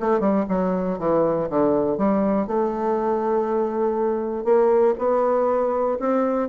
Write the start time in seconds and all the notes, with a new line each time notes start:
0.00 A3
0.20 G3
0.49 F#3
0.99 E3
1.50 D3
1.98 G3
2.48 A3
4.45 A#3
4.99 B3
6.00 C4